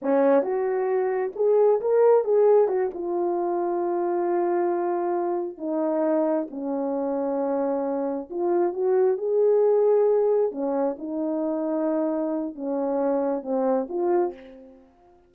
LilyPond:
\new Staff \with { instrumentName = "horn" } { \time 4/4 \tempo 4 = 134 cis'4 fis'2 gis'4 | ais'4 gis'4 fis'8 f'4.~ | f'1~ | f'8 dis'2 cis'4.~ |
cis'2~ cis'8 f'4 fis'8~ | fis'8 gis'2. cis'8~ | cis'8 dis'2.~ dis'8 | cis'2 c'4 f'4 | }